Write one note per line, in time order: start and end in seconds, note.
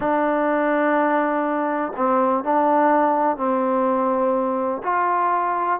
0.00 1.92 D4
1.96 2.43 C4
2.43 3.37 D4
3.37 4.82 C4
4.83 5.80 F4